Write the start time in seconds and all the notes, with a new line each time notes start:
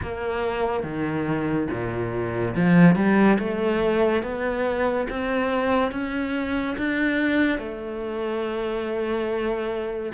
0.02 A#3
0.83 D#3
1.70 A#2
2.55 F3
2.95 G3
3.38 A3
4.23 B3
5.09 C4
5.92 C#4
6.77 D4
7.58 A3